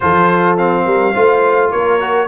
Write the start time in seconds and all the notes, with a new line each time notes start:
0.00 F3 F4 A4 C5
0.57 C4 F5
0.84 G3 A#4
1.13 A3 F4 C5
1.71 A#3 A#4 C#5
2.00 F#4